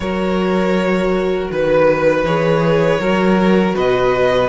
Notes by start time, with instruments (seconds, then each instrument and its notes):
0.00 cello F#3, viola F#4, violin A#4 C#5
1.50 cello D#3, violin B4
2.24 cello E3, viola G#4, violin C#5
2.99 cello F#3, viola F#4, violin A#4
3.75 cello B2, violin B4 D#5